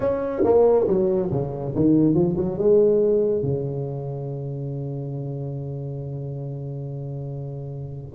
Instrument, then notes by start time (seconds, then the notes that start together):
tuba
0.00 C#4
0.44 A#3
0.87 F#3
1.31 C#3
1.75 D#3
2.14 F3
2.36 F#3
2.58 G#3
3.42 C#3